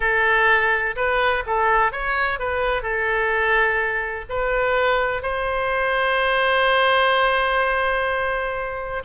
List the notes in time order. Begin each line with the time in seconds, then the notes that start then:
0.00 A4
0.96 B4
1.46 A4
1.92 C#5
2.39 B4
2.82 A4
4.29 B4
5.22 C5